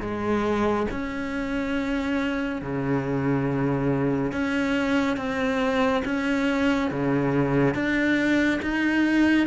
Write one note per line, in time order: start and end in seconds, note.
0.00 0.86 G#3
0.90 2.61 C#4
2.61 4.32 C#3
4.32 5.17 C#4
5.17 6.02 C4
6.05 6.90 C#4
6.90 7.74 C#3
7.74 8.60 D4
8.62 9.47 D#4